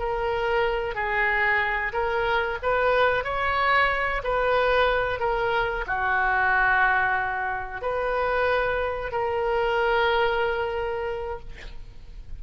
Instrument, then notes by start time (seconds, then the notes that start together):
oboe
0.00 A#4
0.95 G#4
1.93 A#4
2.63 B4
3.25 C#5
4.24 B4
5.20 A#4
5.88 F#4
7.82 B4
9.12 A#4